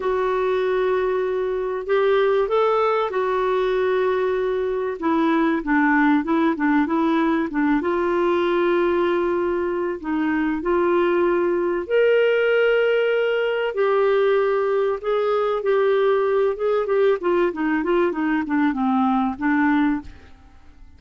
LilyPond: \new Staff \with { instrumentName = "clarinet" } { \time 4/4 \tempo 4 = 96 fis'2. g'4 | a'4 fis'2. | e'4 d'4 e'8 d'8 e'4 | d'8 f'2.~ f'8 |
dis'4 f'2 ais'4~ | ais'2 g'2 | gis'4 g'4. gis'8 g'8 f'8 | dis'8 f'8 dis'8 d'8 c'4 d'4 | }